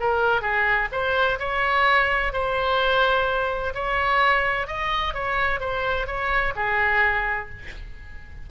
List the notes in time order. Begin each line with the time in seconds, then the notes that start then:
0.00 A#4
0.42 G#4
0.92 C5
1.39 C#5
2.33 C5
3.74 C#5
4.67 D#5
5.14 C#5
5.60 C5
6.07 C#5
6.55 G#4